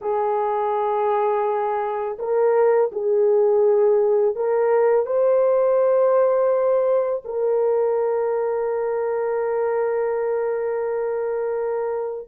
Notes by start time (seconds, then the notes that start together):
0.01 G#4
2.19 A#4
2.91 G#4
4.35 A#4
5.06 C5
7.25 A#4